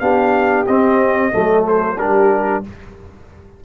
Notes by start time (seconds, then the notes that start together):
0.00 B3 D4 G4 F5
0.67 C4 D#5
1.32 F#3 A3 A4
1.68 C5
1.98 G3 D4 G4 A#4